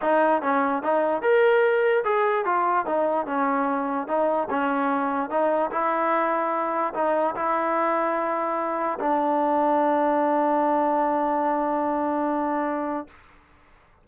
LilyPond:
\new Staff \with { instrumentName = "trombone" } { \time 4/4 \tempo 4 = 147 dis'4 cis'4 dis'4 ais'4~ | ais'4 gis'4 f'4 dis'4 | cis'2 dis'4 cis'4~ | cis'4 dis'4 e'2~ |
e'4 dis'4 e'2~ | e'2 d'2~ | d'1~ | d'1 | }